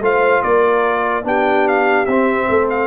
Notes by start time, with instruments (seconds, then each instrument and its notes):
0.00 tuba A3, trombone F4, horn C5, trumpet F5
0.42 tuba A#3, horn A#4, trumpet D5
1.23 tuba B3, trombone D4, horn G4, trumpet G5
1.68 trumpet F5
2.05 tuba C4, trombone C4, trumpet E5
2.48 tuba A3, horn A4
2.69 trumpet F5